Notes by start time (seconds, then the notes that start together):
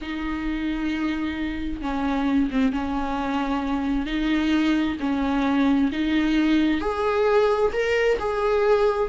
0.01 D#4
1.81 C#4
2.50 C4
2.72 C#4
4.06 D#4
5.00 C#4
5.92 D#4
6.80 G#4
7.72 A#4
8.19 G#4